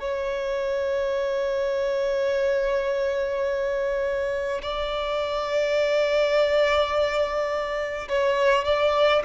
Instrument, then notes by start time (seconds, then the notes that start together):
violin
0.00 C#5
4.62 D5
8.09 C#5
8.65 D5